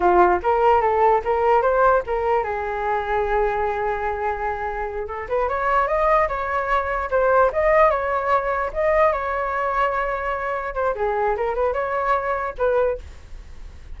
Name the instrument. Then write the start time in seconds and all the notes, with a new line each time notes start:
flute
0.00 F4
0.43 A#4
0.81 A4
1.24 A#4
1.61 C5
2.06 A#4
2.43 G#4
5.07 A4
5.28 B4
5.48 C#5
5.87 D#5
6.28 C#5
7.10 C5
7.52 D#5
7.90 C#5
8.73 D#5
9.12 C#5
10.74 C5
10.95 G#4
11.36 A#4
11.54 B4
11.73 C#5
12.57 B4